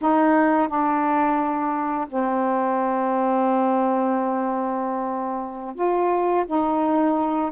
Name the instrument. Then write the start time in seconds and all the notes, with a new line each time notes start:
saxophone
0.01 D#4
0.68 D4
2.09 C4
5.75 F4
6.46 D#4